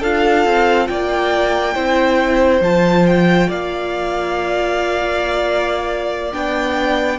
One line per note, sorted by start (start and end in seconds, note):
0.00 0.45 D4
0.00 1.76 F4
0.00 0.87 A4
0.00 0.87 F5
0.45 0.89 C4
0.87 1.76 A#3
0.87 1.75 D5
0.87 2.61 G5
1.75 2.61 C4
1.75 2.62 E4
1.75 3.48 C5
2.61 3.48 F3
2.61 6.32 F4
2.61 3.07 A5
3.07 3.50 G5
3.48 6.33 A#3
3.48 7.18 D5
3.48 6.33 F5
6.32 7.19 B3
6.32 7.19 D4
6.32 7.19 G5